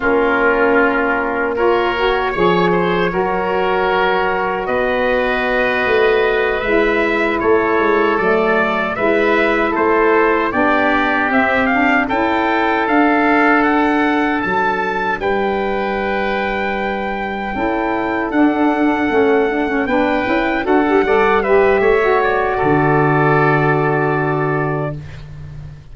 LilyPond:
<<
  \new Staff \with { instrumentName = "trumpet" } { \time 4/4 \tempo 4 = 77 ais'2 cis''2~ | cis''2 dis''2~ | dis''8 e''4 cis''4 d''4 e''8~ | e''8 c''4 d''4 e''8 f''8 g''8~ |
g''8 f''4 fis''4 a''4 g''8~ | g''2.~ g''8 fis''8~ | fis''4. g''4 fis''4 e''8~ | e''8 d''2.~ d''8 | }
  \new Staff \with { instrumentName = "oboe" } { \time 4/4 f'2 ais'4 cis''8 c''8 | ais'2 b'2~ | b'4. a'2 b'8~ | b'8 a'4 g'2 a'8~ |
a'2.~ a'8 b'8~ | b'2~ b'8 a'4.~ | a'4. b'4 a'8 d''8 b'8 | cis''4 a'2. | }
  \new Staff \with { instrumentName = "saxophone" } { \time 4/4 cis'2 f'8 fis'8 gis'4 | fis'1~ | fis'8 e'2 a4 e'8~ | e'4. d'4 c'8 d'8 e'8~ |
e'8 d'2.~ d'8~ | d'2~ d'8 e'4 d'8~ | d'8 cis'8 d'16 cis'16 d'8 e'8 fis'16 g'16 a'8 g'8~ | g'16 fis'2.~ fis'8. | }
  \new Staff \with { instrumentName = "tuba" } { \time 4/4 ais2. f4 | fis2 b4. a8~ | a8 gis4 a8 gis8 fis4 gis8~ | gis8 a4 b4 c'4 cis'8~ |
cis'8 d'2 fis4 g8~ | g2~ g8 cis'4 d'8~ | d'8 a4 b8 cis'8 d'8 g4 | a4 d2. | }
>>